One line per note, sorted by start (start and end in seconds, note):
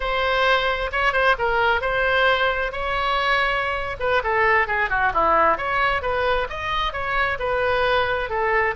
0.00 0.90 C5
0.92 1.12 C#5
1.12 1.35 C5
1.38 1.81 A#4
1.81 2.71 C5
2.71 3.96 C#5
3.99 4.22 B4
4.23 4.67 A4
4.67 4.89 G#4
4.89 5.12 F#4
5.13 5.57 E4
5.57 6.02 C#5
6.02 6.47 B4
6.49 6.92 D#5
6.92 7.38 C#5
7.39 8.29 B4
8.29 8.75 A4